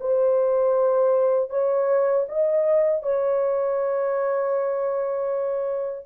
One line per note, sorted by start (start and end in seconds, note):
0.00 1.49 C5
1.49 2.25 C#5
2.28 3.02 D#5
3.02 6.06 C#5